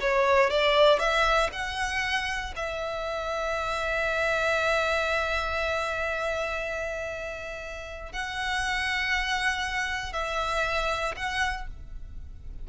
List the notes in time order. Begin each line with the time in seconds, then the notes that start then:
0.00 C#5
0.50 D5
0.99 E5
1.52 F#5
2.56 E5
8.12 F#5
10.13 E5
11.16 F#5